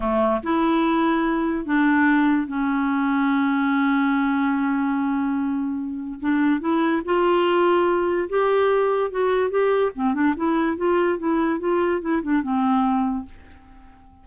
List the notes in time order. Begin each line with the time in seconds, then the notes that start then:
0.00 A3
0.43 E4
1.65 D4
2.47 C#4
6.20 D4
6.60 E4
7.04 F4
8.29 G4
9.10 F#4
9.50 G4
9.95 C4
10.13 D4
10.36 E4
10.76 F4
11.18 E4
11.59 F4
12.01 E4
12.22 D4
12.42 C4